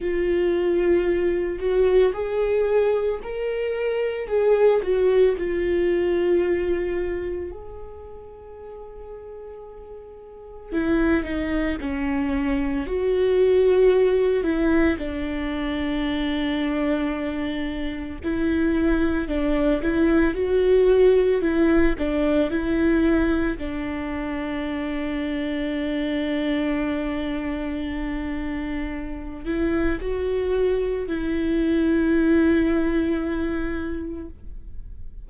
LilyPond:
\new Staff \with { instrumentName = "viola" } { \time 4/4 \tempo 4 = 56 f'4. fis'8 gis'4 ais'4 | gis'8 fis'8 f'2 gis'4~ | gis'2 e'8 dis'8 cis'4 | fis'4. e'8 d'2~ |
d'4 e'4 d'8 e'8 fis'4 | e'8 d'8 e'4 d'2~ | d'2.~ d'8 e'8 | fis'4 e'2. | }